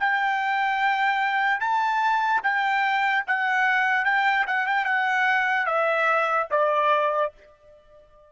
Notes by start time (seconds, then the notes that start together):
0.00 G5
1.60 A5
2.43 G5
3.27 F#5
4.05 G5
4.47 F#5
4.67 G5
4.85 F#5
5.66 E5
6.51 D5